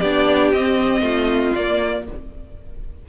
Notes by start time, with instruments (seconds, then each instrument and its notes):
0.00 cello B3, viola D4, violin G4 D5
0.53 cello C4, viola C4, violin D#5
1.01 cello A3, violin F4
1.56 cello A#3, viola A#3, violin D5